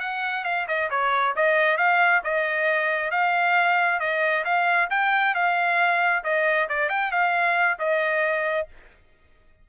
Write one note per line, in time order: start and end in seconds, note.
0.00 0.44 F#5
0.45 0.67 F5
0.68 0.90 D#5
0.90 1.35 C#5
1.36 1.78 D#5
1.78 2.22 F5
2.24 3.11 D#5
3.11 4.00 F5
4.00 4.44 D#5
4.45 4.89 F5
4.90 5.35 G5
5.35 6.24 F5
6.24 6.69 D#5
6.69 6.89 D5
6.89 7.12 G5
7.12 7.78 F5
7.79 8.68 D#5